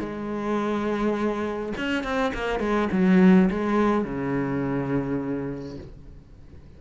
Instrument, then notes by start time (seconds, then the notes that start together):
cello
0.00 G#3
1.77 C#4
2.04 C4
2.34 A#3
2.60 G#3
2.92 F#3
3.51 G#3
4.05 C#3